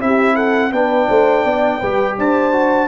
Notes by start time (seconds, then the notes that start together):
0.00 C4 E4 G4 E5
0.35 A4 F#5
0.72 B3 D4 B4 G5
1.09 A3 C5
1.45 B3 D5
1.80 G3 G4 B4
2.18 D4 C5 A5
2.53 F#4